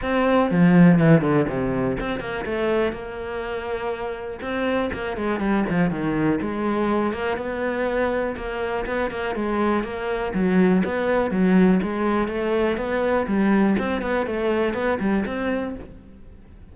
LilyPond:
\new Staff \with { instrumentName = "cello" } { \time 4/4 \tempo 4 = 122 c'4 f4 e8 d8 c4 | c'8 ais8 a4 ais2~ | ais4 c'4 ais8 gis8 g8 f8 | dis4 gis4. ais8 b4~ |
b4 ais4 b8 ais8 gis4 | ais4 fis4 b4 fis4 | gis4 a4 b4 g4 | c'8 b8 a4 b8 g8 c'4 | }